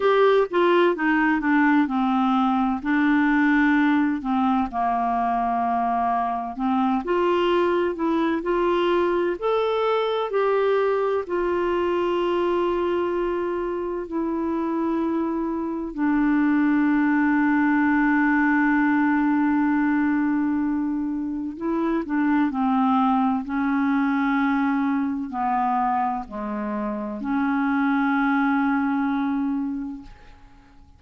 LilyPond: \new Staff \with { instrumentName = "clarinet" } { \time 4/4 \tempo 4 = 64 g'8 f'8 dis'8 d'8 c'4 d'4~ | d'8 c'8 ais2 c'8 f'8~ | f'8 e'8 f'4 a'4 g'4 | f'2. e'4~ |
e'4 d'2.~ | d'2. e'8 d'8 | c'4 cis'2 b4 | gis4 cis'2. | }